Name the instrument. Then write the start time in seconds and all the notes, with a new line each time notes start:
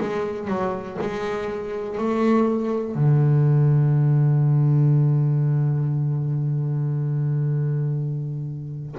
double bass
0.00 G#3
0.48 F#3
1.01 G#3
1.98 A3
2.95 D3